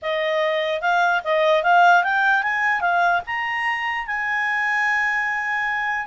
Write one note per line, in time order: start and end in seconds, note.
0.02 0.81 D#5
0.81 1.22 F5
1.24 1.63 D#5
1.63 2.03 F5
2.03 2.42 G5
2.42 2.80 G#5
2.80 3.21 F5
3.26 4.06 A#5
4.06 6.07 G#5